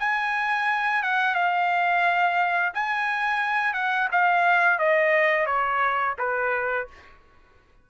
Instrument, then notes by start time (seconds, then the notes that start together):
trumpet
0.00 G#5
1.03 F#5
1.35 F5
2.75 G#5
3.74 F#5
4.12 F5
4.79 D#5
5.46 C#5
6.19 B4